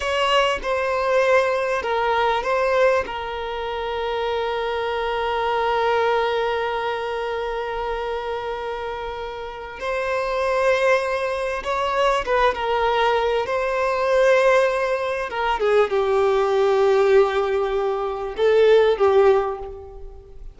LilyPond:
\new Staff \with { instrumentName = "violin" } { \time 4/4 \tempo 4 = 98 cis''4 c''2 ais'4 | c''4 ais'2.~ | ais'1~ | ais'1 |
c''2. cis''4 | b'8 ais'4. c''2~ | c''4 ais'8 gis'8 g'2~ | g'2 a'4 g'4 | }